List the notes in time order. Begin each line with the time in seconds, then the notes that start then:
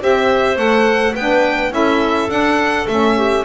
0.00 C4 G4 C5 E5
0.56 A3 A4 F#5
1.15 B3 D4 B4 G5
1.71 C#4 E4 A4 E5
2.29 D4 F#5
2.88 A3 C#4 E5
3.17 G4